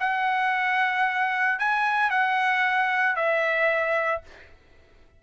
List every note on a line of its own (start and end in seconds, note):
0.00 1.59 F#5
1.59 2.10 G#5
2.10 3.16 F#5
3.16 4.22 E5